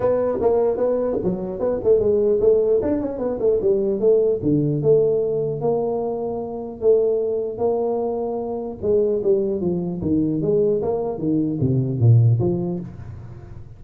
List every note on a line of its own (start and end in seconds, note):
0.00 0.39 B3
0.40 0.77 A#3
0.77 1.17 B3
1.23 1.59 F#3
1.59 1.79 B3
1.83 1.99 A3
1.99 2.39 G#3
2.40 2.80 A3
2.82 3.01 D4
3.01 3.18 C#4
3.18 3.38 B3
3.39 3.59 A3
3.61 3.99 G3
3.99 4.39 A3
4.42 4.82 D3
4.82 5.60 A3
5.60 6.80 A#3
6.80 7.58 A3
7.58 8.78 A#3
8.82 9.22 G#3
9.23 9.61 G3
9.61 10.01 F3
10.01 10.41 D#3
10.41 10.81 G#3
10.82 11.18 A#3
11.18 11.58 D#3
11.60 11.99 C3
11.99 12.39 A#2
12.39 12.79 F3